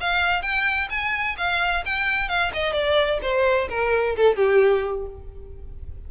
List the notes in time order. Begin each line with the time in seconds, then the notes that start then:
0.00 F5
0.42 G5
0.90 G#5
1.37 F5
1.85 G5
2.28 F5
2.53 D#5
2.73 D5
3.22 C5
3.69 A#4
4.16 A4
4.36 G4